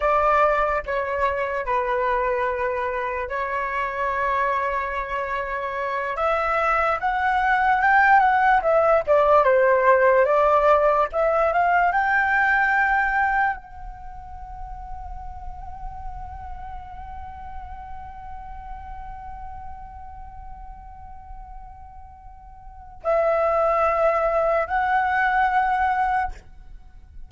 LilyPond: \new Staff \with { instrumentName = "flute" } { \time 4/4 \tempo 4 = 73 d''4 cis''4 b'2 | cis''2.~ cis''8 e''8~ | e''8 fis''4 g''8 fis''8 e''8 d''8 c''8~ | c''8 d''4 e''8 f''8 g''4.~ |
g''8 fis''2.~ fis''8~ | fis''1~ | fis''1 | e''2 fis''2 | }